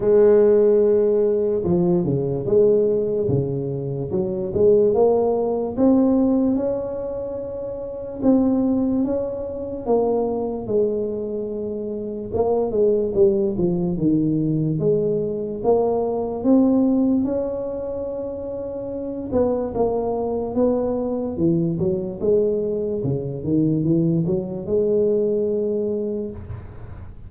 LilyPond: \new Staff \with { instrumentName = "tuba" } { \time 4/4 \tempo 4 = 73 gis2 f8 cis8 gis4 | cis4 fis8 gis8 ais4 c'4 | cis'2 c'4 cis'4 | ais4 gis2 ais8 gis8 |
g8 f8 dis4 gis4 ais4 | c'4 cis'2~ cis'8 b8 | ais4 b4 e8 fis8 gis4 | cis8 dis8 e8 fis8 gis2 | }